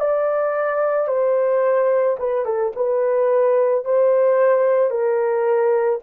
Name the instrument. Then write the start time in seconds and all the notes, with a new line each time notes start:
horn
0.00 D5
1.08 C5
2.19 B4
2.45 A4
2.76 B4
3.85 C5
4.90 A#4